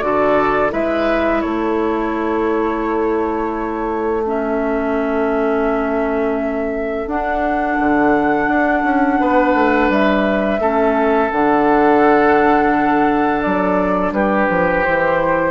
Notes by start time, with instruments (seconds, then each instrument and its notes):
0.00 bassoon D3, clarinet F#4, oboe A4, flute D5
0.69 bassoon G#3, clarinet E4, oboe B4, flute E5
1.41 bassoon A3, oboe A4, flute C#5
4.26 clarinet C#4, flute E5
7.06 clarinet D4, bassoon D4, flute F#5
7.79 bassoon D3
8.47 bassoon D4
8.83 bassoon C#4
9.20 bassoon B3, oboe B4
9.54 bassoon A3
9.89 bassoon G3, flute E5
10.59 bassoon A3, clarinet C#4, oboe A4
11.30 bassoon D3, clarinet D4, flute F#5
13.41 bassoon F#3, flute D5
14.11 bassoon G3, oboe G4, flute B4
14.49 bassoon F3
14.84 bassoon E3, clarinet E4, flute C5